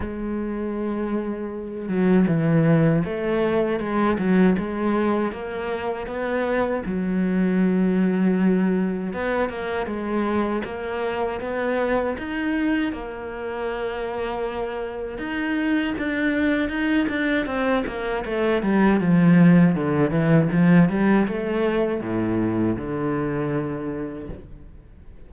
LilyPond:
\new Staff \with { instrumentName = "cello" } { \time 4/4 \tempo 4 = 79 gis2~ gis8 fis8 e4 | a4 gis8 fis8 gis4 ais4 | b4 fis2. | b8 ais8 gis4 ais4 b4 |
dis'4 ais2. | dis'4 d'4 dis'8 d'8 c'8 ais8 | a8 g8 f4 d8 e8 f8 g8 | a4 a,4 d2 | }